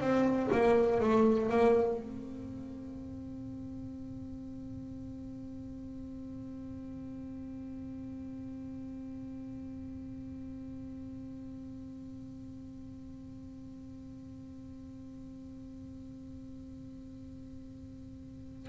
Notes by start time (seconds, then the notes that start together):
0.00 C4
0.52 A#3
1.00 A3
1.49 A#3
1.97 C4